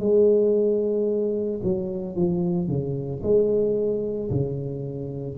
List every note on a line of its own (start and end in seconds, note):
0.00 1.61 G#3
1.64 2.16 F#3
2.16 2.68 F3
2.68 3.21 C#3
3.23 4.31 G#3
4.31 5.38 C#3